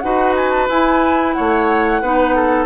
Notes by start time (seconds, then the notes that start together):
0.00 D#4 F#4 B4 F#5
0.36 G#5
0.50 A5
0.69 E4 G#5
1.33 C#5 F#5
1.39 A3
2.02 B3 D#4 B4
2.35 A4